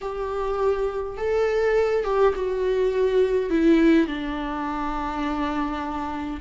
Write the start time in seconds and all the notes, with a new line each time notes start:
0.01 G4
1.17 A4
2.04 G4
2.35 F#4
3.50 E4
4.07 D4